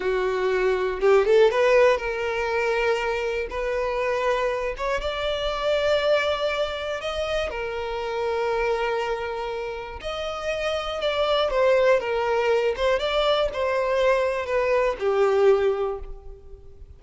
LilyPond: \new Staff \with { instrumentName = "violin" } { \time 4/4 \tempo 4 = 120 fis'2 g'8 a'8 b'4 | ais'2. b'4~ | b'4. cis''8 d''2~ | d''2 dis''4 ais'4~ |
ais'1 | dis''2 d''4 c''4 | ais'4. c''8 d''4 c''4~ | c''4 b'4 g'2 | }